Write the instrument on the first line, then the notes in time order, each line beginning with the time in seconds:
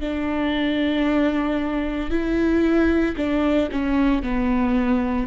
viola
0.00 D4
2.10 E4
3.17 D4
3.71 C#4
4.23 B3